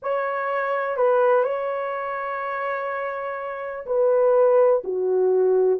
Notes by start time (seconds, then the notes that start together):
0.02 C#5
0.97 B4
1.43 C#5
3.86 B4
4.84 F#4